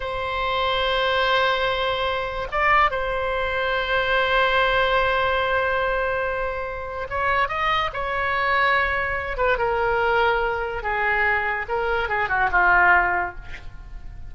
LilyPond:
\new Staff \with { instrumentName = "oboe" } { \time 4/4 \tempo 4 = 144 c''1~ | c''2 d''4 c''4~ | c''1~ | c''1~ |
c''4 cis''4 dis''4 cis''4~ | cis''2~ cis''8 b'8 ais'4~ | ais'2 gis'2 | ais'4 gis'8 fis'8 f'2 | }